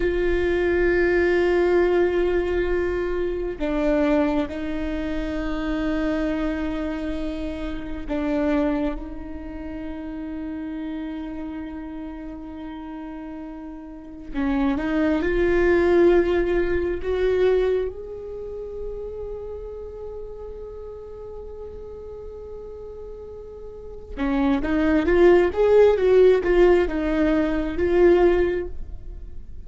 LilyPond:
\new Staff \with { instrumentName = "viola" } { \time 4/4 \tempo 4 = 67 f'1 | d'4 dis'2.~ | dis'4 d'4 dis'2~ | dis'1 |
cis'8 dis'8 f'2 fis'4 | gis'1~ | gis'2. cis'8 dis'8 | f'8 gis'8 fis'8 f'8 dis'4 f'4 | }